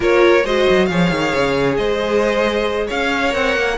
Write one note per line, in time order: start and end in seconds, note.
0.00 0.43 A#3
0.00 0.43 F4
0.00 0.44 A#4
0.00 0.45 C#5
0.44 0.66 G#3
0.44 0.89 F#4
0.44 0.88 C5
0.44 0.86 D#5
0.69 0.91 F#3
0.86 1.10 F3
0.86 3.29 G#4
0.86 1.78 C#5
0.86 1.75 F5
1.10 1.33 D#3
1.35 1.77 C#3
1.77 2.89 G#3
1.77 2.87 C5
1.77 2.88 D#5
2.87 3.34 C#4
2.87 3.75 C#5
2.87 3.34 F5
3.29 3.55 C4
3.29 3.74 A#4
3.29 3.78 F#5
3.55 3.78 A#3